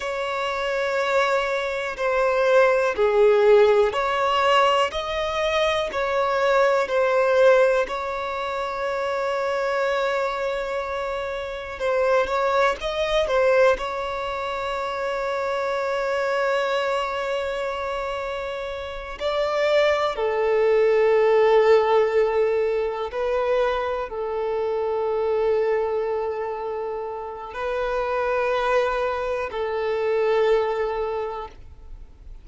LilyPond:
\new Staff \with { instrumentName = "violin" } { \time 4/4 \tempo 4 = 61 cis''2 c''4 gis'4 | cis''4 dis''4 cis''4 c''4 | cis''1 | c''8 cis''8 dis''8 c''8 cis''2~ |
cis''2.~ cis''8 d''8~ | d''8 a'2. b'8~ | b'8 a'2.~ a'8 | b'2 a'2 | }